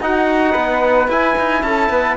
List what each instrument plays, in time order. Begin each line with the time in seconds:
0.00 cello D#4, trombone D#4, flute F#4, trumpet F#5
0.52 cello B3, flute B4
1.08 cello E4, trombone E4, trumpet G#5
1.38 cello D#4
1.63 cello C#4, flute A4, trumpet A5
1.89 cello B3, flute B4